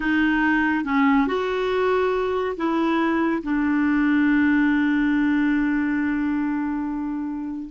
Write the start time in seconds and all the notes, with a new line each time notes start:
0.00 D#4
0.84 C#4
1.27 F#4
2.56 E4
3.42 D4